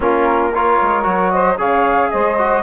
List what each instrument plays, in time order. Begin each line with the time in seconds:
0.00 bassoon A#3, trombone C#4, saxophone F4, flute A#4
0.54 trombone F4, saxophone A#4, flute C#5
0.82 bassoon G#3
1.03 bassoon F#3, trombone F#4
1.30 saxophone C5, flute D#5
1.57 bassoon C#3, trombone G#4, saxophone C#5, flute F5
2.10 bassoon G#3, saxophone C5, flute D#5
2.38 trombone F#4